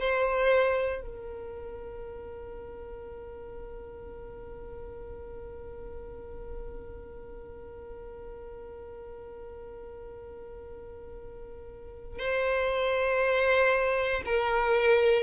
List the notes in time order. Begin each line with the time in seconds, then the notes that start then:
0.00 C5
1.02 A#4
12.19 C5
14.26 A#4